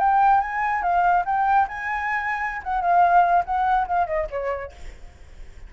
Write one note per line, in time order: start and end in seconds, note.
0.00 0.41 G5
0.41 0.83 G#5
0.83 1.24 F5
1.26 1.67 G5
1.69 2.62 G#5
2.64 2.81 F#5
2.81 3.44 F5
3.45 3.87 F#5
3.88 4.07 F5
4.07 4.28 D#5
4.31 4.72 C#5